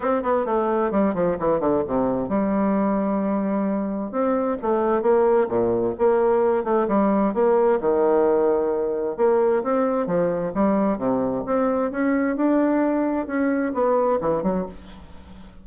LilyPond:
\new Staff \with { instrumentName = "bassoon" } { \time 4/4 \tempo 4 = 131 c'8 b8 a4 g8 f8 e8 d8 | c4 g2.~ | g4 c'4 a4 ais4 | ais,4 ais4. a8 g4 |
ais4 dis2. | ais4 c'4 f4 g4 | c4 c'4 cis'4 d'4~ | d'4 cis'4 b4 e8 fis8 | }